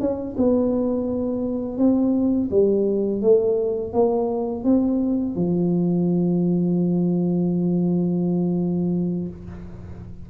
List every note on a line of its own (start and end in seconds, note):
0.00 0.36 C#4
0.37 1.78 B3
1.78 2.49 C4
2.51 3.21 G3
3.21 3.93 A3
3.93 4.64 A#3
4.64 5.35 C4
5.35 9.28 F3